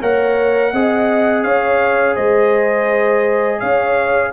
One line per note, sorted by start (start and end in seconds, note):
0.00 0.73 A#3
0.00 0.73 A#4
0.00 0.72 C#5
0.00 1.43 F#5
0.73 1.44 C4
0.73 4.33 G#4
0.73 1.44 D#5
1.43 2.16 C#4
1.43 2.15 C#5
1.43 2.15 F5
2.15 3.62 G#3
2.15 3.60 C5
2.15 3.60 D#5
3.60 4.33 C#4
3.60 4.32 C#5
3.60 4.32 F5